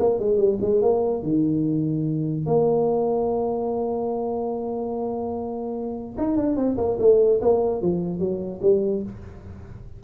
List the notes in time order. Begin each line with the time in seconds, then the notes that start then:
0.00 A#3
0.19 G#3
0.38 G3
0.61 G#3
0.82 A#3
1.23 D#3
2.46 A#3
6.18 D#4
6.37 D4
6.57 C4
6.78 A#3
7.00 A3
7.41 A#3
7.82 F3
8.19 F#3
8.62 G3